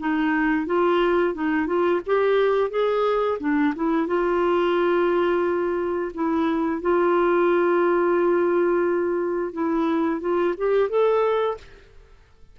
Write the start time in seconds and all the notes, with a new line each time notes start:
0.00 D#4
0.66 F4
1.35 D#4
1.67 F4
2.06 G4
2.71 G#4
3.40 D4
3.76 E4
4.08 F4
6.15 E4
6.82 F4
9.53 E4
10.21 F4
10.57 G4
10.90 A4